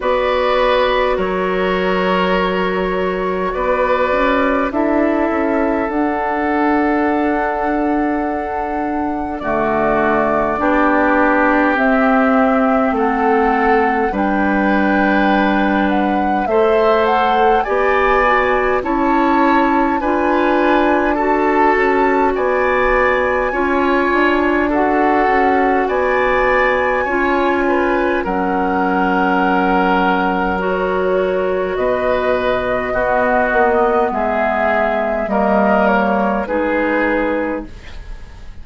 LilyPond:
<<
  \new Staff \with { instrumentName = "flute" } { \time 4/4 \tempo 4 = 51 d''4 cis''2 d''4 | e''4 fis''2. | d''2 e''4 fis''4 | g''4. fis''8 e''8 fis''8 gis''4 |
a''4 gis''4 a''4 gis''4~ | gis''4 fis''4 gis''2 | fis''2 cis''4 dis''4~ | dis''4 e''4 dis''8 cis''8 b'4 | }
  \new Staff \with { instrumentName = "oboe" } { \time 4/4 b'4 ais'2 b'4 | a'1 | fis'4 g'2 a'4 | b'2 c''4 d''4 |
cis''4 b'4 a'4 d''4 | cis''4 a'4 d''4 cis''8 b'8 | ais'2. b'4 | fis'4 gis'4 ais'4 gis'4 | }
  \new Staff \with { instrumentName = "clarinet" } { \time 4/4 fis'1 | e'4 d'2. | a4 d'4 c'2 | d'2 a'4 g'8 fis'8 |
e'4 f'4 fis'2 | f'4 fis'2 f'4 | cis'2 fis'2 | b2 ais4 dis'4 | }
  \new Staff \with { instrumentName = "bassoon" } { \time 4/4 b4 fis2 b8 cis'8 | d'8 cis'8 d'2. | d4 b4 c'4 a4 | g2 a4 b4 |
cis'4 d'4. cis'8 b4 | cis'8 d'4 cis'8 b4 cis'4 | fis2. b,4 | b8 ais8 gis4 g4 gis4 | }
>>